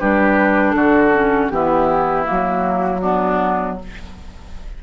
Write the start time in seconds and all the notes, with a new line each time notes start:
0.00 G3 D4 G4 B4
0.72 D3 F#4 A4
1.13 C#4
1.49 E3 B3 E4 G4
2.24 A#3 F#4
2.31 F#3
3.01 B3 D4